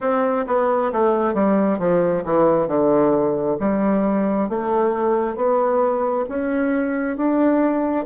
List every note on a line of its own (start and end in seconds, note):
0.00 0.45 C4
0.46 0.91 B3
0.92 1.34 A3
1.34 1.78 G3
1.78 2.23 F3
2.24 2.67 E3
2.67 3.57 D3
3.59 4.49 G3
4.49 5.35 A3
5.35 6.25 B3
6.28 7.16 C#4
7.16 8.05 D4